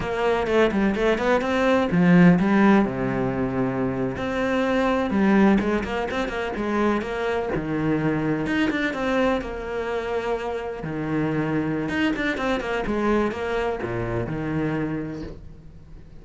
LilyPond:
\new Staff \with { instrumentName = "cello" } { \time 4/4 \tempo 4 = 126 ais4 a8 g8 a8 b8 c'4 | f4 g4 c2~ | c8. c'2 g4 gis16~ | gis16 ais8 c'8 ais8 gis4 ais4 dis16~ |
dis4.~ dis16 dis'8 d'8 c'4 ais16~ | ais2~ ais8. dis4~ dis16~ | dis4 dis'8 d'8 c'8 ais8 gis4 | ais4 ais,4 dis2 | }